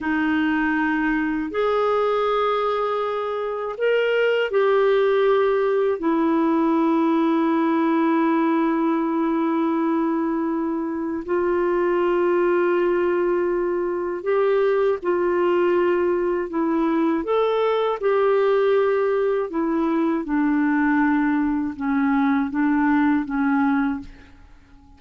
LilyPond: \new Staff \with { instrumentName = "clarinet" } { \time 4/4 \tempo 4 = 80 dis'2 gis'2~ | gis'4 ais'4 g'2 | e'1~ | e'2. f'4~ |
f'2. g'4 | f'2 e'4 a'4 | g'2 e'4 d'4~ | d'4 cis'4 d'4 cis'4 | }